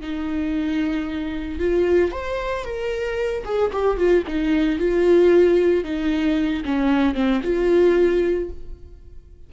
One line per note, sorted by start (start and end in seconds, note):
0.00 1.59 D#4
1.59 2.11 F4
2.11 2.64 C5
2.64 3.44 A#4
3.44 3.71 G#4
3.72 3.97 G4
3.97 4.23 F4
4.27 4.79 D#4
4.79 5.84 F4
5.84 6.63 D#4
6.64 7.14 C#4
7.14 7.41 C4
7.43 8.49 F4